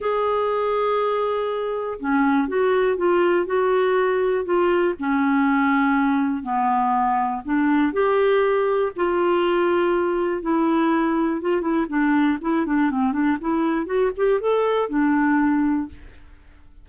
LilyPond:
\new Staff \with { instrumentName = "clarinet" } { \time 4/4 \tempo 4 = 121 gis'1 | cis'4 fis'4 f'4 fis'4~ | fis'4 f'4 cis'2~ | cis'4 b2 d'4 |
g'2 f'2~ | f'4 e'2 f'8 e'8 | d'4 e'8 d'8 c'8 d'8 e'4 | fis'8 g'8 a'4 d'2 | }